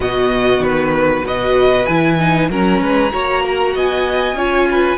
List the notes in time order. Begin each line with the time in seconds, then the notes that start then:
0.00 B2 B3 F#4 D#5
0.59 D#3 B4
1.23 B2 F#4 B4 D#5
1.86 E3 E4 G#5
2.18 D#4
2.49 F#3 C#4 A#4 A#5
2.80 G#3 B4
3.10 A#3 F#4 C#5
3.42 A#4
3.74 B3 D#5 G#5
4.33 C#4 F4 C#5
4.71 B4